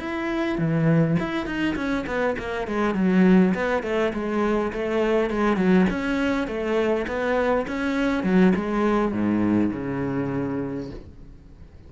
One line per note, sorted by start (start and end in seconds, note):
0.00 0.58 E4
0.58 1.17 E3
1.19 1.46 E4
1.46 1.76 D#4
1.76 2.05 C#4
2.07 2.36 B3
2.39 2.68 A#3
2.68 2.95 G#3
2.95 3.54 F#3
3.54 3.83 B3
3.83 4.13 A3
4.14 4.72 G#3
4.73 5.30 A3
5.30 5.57 G#3
5.57 5.86 F#3
5.90 6.48 C#4
6.48 7.06 A3
7.07 7.66 B3
7.68 8.24 C#4
8.24 8.53 F#3
8.55 9.12 G#3
9.12 9.71 G#2
9.72 10.90 C#3